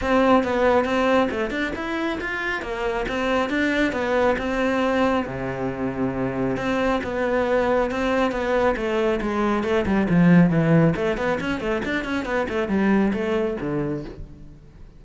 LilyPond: \new Staff \with { instrumentName = "cello" } { \time 4/4 \tempo 4 = 137 c'4 b4 c'4 a8 d'8 | e'4 f'4 ais4 c'4 | d'4 b4 c'2 | c2. c'4 |
b2 c'4 b4 | a4 gis4 a8 g8 f4 | e4 a8 b8 cis'8 a8 d'8 cis'8 | b8 a8 g4 a4 d4 | }